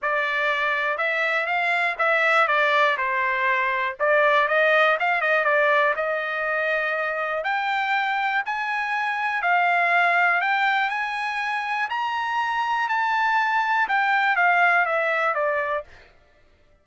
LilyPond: \new Staff \with { instrumentName = "trumpet" } { \time 4/4 \tempo 4 = 121 d''2 e''4 f''4 | e''4 d''4 c''2 | d''4 dis''4 f''8 dis''8 d''4 | dis''2. g''4~ |
g''4 gis''2 f''4~ | f''4 g''4 gis''2 | ais''2 a''2 | g''4 f''4 e''4 d''4 | }